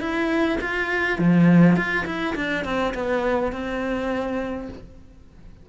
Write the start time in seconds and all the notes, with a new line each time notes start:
0.00 E4
0.61 F4
1.19 F3
1.76 F4
2.06 E4
2.35 D4
2.65 C4
2.94 B3
3.52 C4